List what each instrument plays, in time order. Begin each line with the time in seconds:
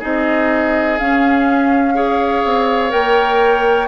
0.00 bassoon C4, clarinet D#4, oboe G#4, flute D#5
0.99 clarinet C#4, bassoon C#4, flute F5
1.95 clarinet G#4, oboe C#5
2.45 bassoon C4
2.90 bassoon A#3, clarinet A#4, flute G5